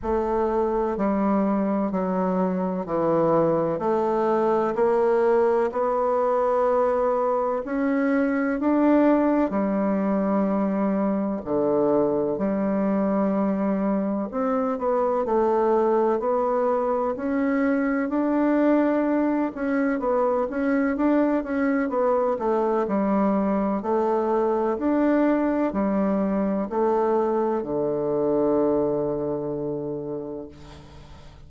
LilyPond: \new Staff \with { instrumentName = "bassoon" } { \time 4/4 \tempo 4 = 63 a4 g4 fis4 e4 | a4 ais4 b2 | cis'4 d'4 g2 | d4 g2 c'8 b8 |
a4 b4 cis'4 d'4~ | d'8 cis'8 b8 cis'8 d'8 cis'8 b8 a8 | g4 a4 d'4 g4 | a4 d2. | }